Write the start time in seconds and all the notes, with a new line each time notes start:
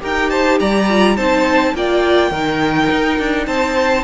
0.00 D#4 G4 A#4 G5
0.29 C5 A5
0.59 G3 D5 A#5
0.89 F4
1.16 C4 D#4 C5 A5
1.74 A#3 F4 D5 G5
2.30 D#3 D#4 A#4
2.90 D#4
3.19 D4
3.46 C4 C5 A5